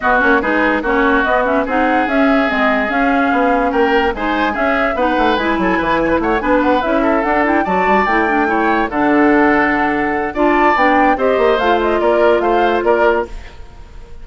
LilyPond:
<<
  \new Staff \with { instrumentName = "flute" } { \time 4/4 \tempo 4 = 145 dis''8 cis''8 b'4 cis''4 dis''8 e''8 | fis''4 e''4 dis''4 f''4~ | f''4 g''4 gis''4 e''4 | fis''4 gis''2 fis''8 gis''8 |
fis''8 e''4 fis''8 g''8 a''4 g''8~ | g''4. fis''2~ fis''8~ | fis''4 a''4 g''4 dis''4 | f''8 dis''8 d''4 f''4 d''4 | }
  \new Staff \with { instrumentName = "oboe" } { \time 4/4 fis'4 gis'4 fis'2 | gis'1~ | gis'4 ais'4 c''4 gis'4 | b'4. a'8 b'8 cis''16 b'16 cis''8 b'8~ |
b'4 a'4. d''4.~ | d''8 cis''4 a'2~ a'8~ | a'4 d''2 c''4~ | c''4 ais'4 c''4 ais'4 | }
  \new Staff \with { instrumentName = "clarinet" } { \time 4/4 b8 cis'8 dis'4 cis'4 b8 cis'8 | dis'4 cis'4 c'4 cis'4~ | cis'2 dis'4 cis'4 | dis'4 e'2~ e'8 d'8~ |
d'8 e'4 d'8 e'8 fis'4 e'8 | d'8 e'4 d'2~ d'8~ | d'4 f'4 d'4 g'4 | f'1 | }
  \new Staff \with { instrumentName = "bassoon" } { \time 4/4 b8 ais8 gis4 ais4 b4 | c'4 cis'4 gis4 cis'4 | b4 ais4 gis4 cis'4 | b8 a8 gis8 fis8 e4 a8 b8~ |
b8 cis'4 d'4 fis8 g8 a8~ | a4. d2~ d8~ | d4 d'4 b4 c'8 ais8 | a4 ais4 a4 ais4 | }
>>